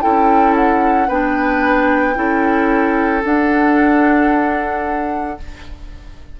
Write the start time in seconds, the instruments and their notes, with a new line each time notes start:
0.00 bassoon C#4, clarinet E4, oboe A4, flute G5
0.56 flute F#5
1.08 bassoon B3, clarinet D4, oboe B4, flute G5
2.15 bassoon C#4, clarinet E4, oboe A4
3.23 clarinet D4, bassoon D4, flute F#5